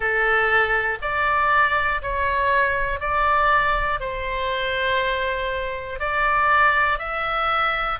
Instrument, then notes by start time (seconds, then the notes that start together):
oboe
0.00 A4
1.01 D5
2.02 C#5
3.00 D5
4.00 C5
6.00 D5
6.99 E5